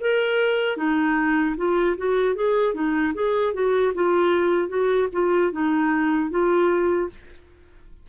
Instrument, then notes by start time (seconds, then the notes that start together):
clarinet
0.00 A#4
0.76 D#4
1.56 F4
1.97 F#4
2.35 G#4
2.73 D#4
3.14 G#4
3.53 F#4
3.94 F4
4.68 F#4
5.12 F4
5.52 D#4
6.30 F4